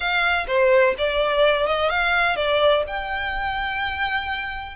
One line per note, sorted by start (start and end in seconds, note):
0.00 0.46 F5
0.47 0.94 C5
0.97 1.66 D5
1.66 1.89 D#5
1.89 2.36 F5
2.36 2.83 D5
2.87 4.76 G5